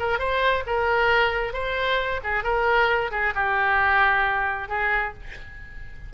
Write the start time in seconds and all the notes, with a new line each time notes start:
0.00 A#4
0.19 C5
0.67 A#4
1.53 C5
2.24 G#4
2.44 A#4
3.12 G#4
3.35 G4
4.69 G#4